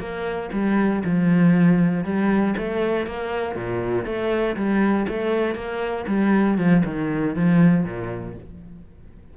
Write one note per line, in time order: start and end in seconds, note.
0.00 0.50 A#3
0.53 1.04 G3
1.05 2.05 F3
2.05 2.55 G3
2.58 3.07 A3
3.07 3.56 A#3
3.56 4.06 A#2
4.06 4.56 A3
4.57 5.07 G3
5.09 5.56 A3
5.56 6.06 A#3
6.08 6.58 G3
6.58 6.83 F3
6.85 7.36 D#3
7.36 7.85 F3
7.85 8.36 A#2